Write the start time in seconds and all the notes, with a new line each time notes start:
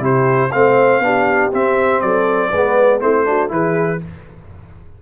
0.00 C3 E4 G4 C5
0.52 A3 C4 C5 F5
1.00 B3 D4 G4
1.53 C4 E5
2.01 F#3 A4 D5
2.49 G#3 B4
2.56 B3
3.00 A3 C4 E4 C5
3.25 D4 F#4
3.49 E3 E4 G#4 B4